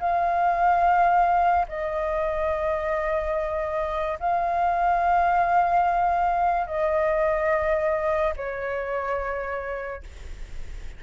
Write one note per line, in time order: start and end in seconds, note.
0.00 1.67 F5
1.69 4.19 D#5
4.20 6.67 F5
6.67 8.34 D#5
8.37 10.03 C#5